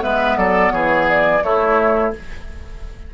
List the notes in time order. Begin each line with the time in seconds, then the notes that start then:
0.00 G#3 B3 B4 E5
0.37 F#3 A4 D5
0.71 E3 G#4 C#5
1.09 D5
1.43 A3 E4 C#5